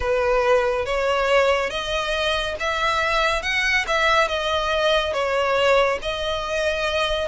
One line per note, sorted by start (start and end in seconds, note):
0.00 0.85 B4
0.85 1.69 C#5
1.69 2.55 D#5
2.59 3.42 E5
3.42 3.85 F#5
3.87 4.28 E5
4.28 5.13 D#5
5.13 5.98 C#5
6.02 7.28 D#5